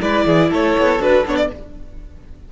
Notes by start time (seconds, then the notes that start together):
0.00 G#3 E4 B4 D5
0.26 E3 G#4
0.50 A3 A4 C#5
0.78 B3
0.99 D4 F#4 B4
1.26 B3 D4 C#5
1.37 D5